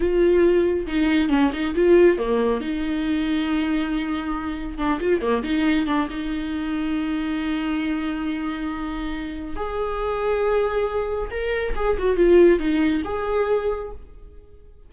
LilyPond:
\new Staff \with { instrumentName = "viola" } { \time 4/4 \tempo 4 = 138 f'2 dis'4 cis'8 dis'8 | f'4 ais4 dis'2~ | dis'2. d'8 f'8 | ais8 dis'4 d'8 dis'2~ |
dis'1~ | dis'2 gis'2~ | gis'2 ais'4 gis'8 fis'8 | f'4 dis'4 gis'2 | }